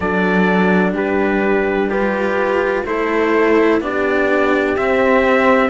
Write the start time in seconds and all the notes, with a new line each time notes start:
0.00 F#3 D4 A4 D5
0.92 G3 G4 B4
1.89 F4 G4 B4
2.85 A3 E4 A4 C5
3.80 B3 D4 G4 D5
4.77 C4 E5